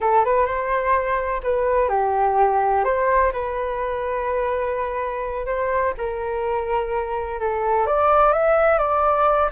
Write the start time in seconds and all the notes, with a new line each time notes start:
0.00 A4
0.24 B4
0.45 C5
1.43 B4
1.89 G4
2.84 C5
3.32 B4
5.45 C5
5.97 A#4
7.40 A4
7.86 D5
8.32 E5
8.78 D5